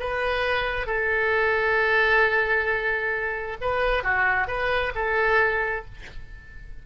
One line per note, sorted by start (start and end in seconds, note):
0.00 0.87 B4
0.87 3.57 A4
3.61 4.04 B4
4.04 4.48 F#4
4.48 4.93 B4
4.95 5.85 A4